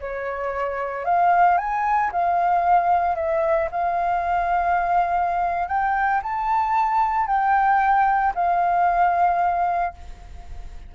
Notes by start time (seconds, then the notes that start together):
0.00 C#5
1.05 F5
1.58 G#5
2.12 F5
3.16 E5
3.71 F5
5.68 G5
6.23 A5
7.27 G5
8.35 F5